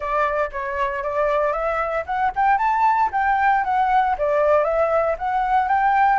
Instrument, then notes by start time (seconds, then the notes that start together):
flute
0.00 D5
0.51 C#5
1.03 D5
1.52 E5
2.06 F#5
2.35 G5
2.58 A5
3.12 G5
3.64 F#5
4.18 D5
4.64 E5
5.18 F#5
5.68 G5